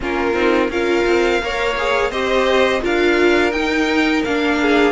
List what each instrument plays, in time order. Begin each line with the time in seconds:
0.00 cello A#3, viola C#4, violin F4 A#4
0.33 cello C4, viola D#4
0.69 cello C#4, viola F4, violin A#4 F5
1.06 cello C4
1.41 cello A#3, viola A#4, violin C#5
1.77 viola G#4
2.10 cello C4, viola G4, violin C5 D#5
2.80 cello D4, viola F4, violin A#4 F5
3.51 cello D#4, viola D#4, violin G5
4.24 cello A#3, viola D4, violin F5
4.61 violin G#4